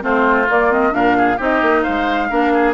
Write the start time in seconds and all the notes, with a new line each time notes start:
0.00 A3 C4 F4 C5
0.49 A#3 D5
0.70 C4 D#5
0.91 A#2 D4 A#4 F5
1.17 G#4
1.37 C4 D#4 G4 D#5
1.62 A#3
1.82 G#3 C5 F5
2.29 A#3 D4 A#4
2.53 G#4